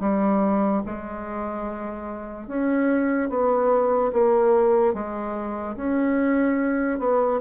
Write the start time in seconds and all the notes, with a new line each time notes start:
0.00 G3
0.86 G#3
2.47 C#4
3.30 B3
4.12 A#3
4.94 G#3
5.76 C#4
6.99 B3